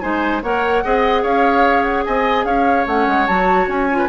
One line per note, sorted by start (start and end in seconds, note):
0.00 0.42 G#3
0.00 0.42 D#4
0.00 0.43 C5
0.00 0.41 G#5
0.42 0.83 A#3
0.42 0.84 A#4
0.42 0.83 C#5
0.42 1.24 F#5
0.84 1.23 C4
0.84 2.88 G#4
0.84 1.22 D#5
1.22 2.05 C#4
1.22 2.04 C#5
1.22 1.83 F5
1.83 2.03 F#5
2.05 2.44 C4
2.05 2.45 D#5
2.05 2.45 G#5
2.44 2.85 C#4
2.44 3.98 C#5
2.44 2.86 F5
2.87 3.07 A3
2.87 3.28 C#4
2.87 3.26 F#5
3.07 3.27 G#3
3.26 3.68 F#3
3.26 3.90 F#4
3.26 3.67 A5
3.68 4.08 C#4
3.68 4.09 G#5
3.91 4.09 F4
3.98 4.08 B4